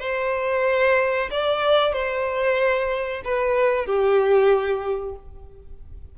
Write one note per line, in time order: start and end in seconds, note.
0.00 1.29 C5
1.30 1.93 D5
1.93 3.22 C5
3.24 3.86 B4
3.86 5.15 G4